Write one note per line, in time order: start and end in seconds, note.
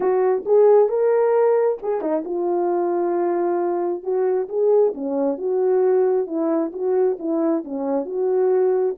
0.00 0.44 F#4
0.45 0.88 G#4
0.88 1.78 A#4
1.82 2.01 G#4
2.01 2.23 D#4
2.24 4.03 F4
4.03 4.48 F#4
4.49 4.93 G#4
4.94 5.38 C#4
5.38 6.26 F#4
6.26 6.71 E4
6.72 7.17 F#4
7.19 7.63 E4
7.64 8.05 C#4
8.05 8.95 F#4